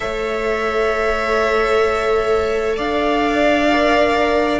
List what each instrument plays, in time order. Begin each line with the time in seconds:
0.00 cello A3, viola A4, violin C#5 E5
2.76 cello D4, violin D5 F5
3.71 viola A#4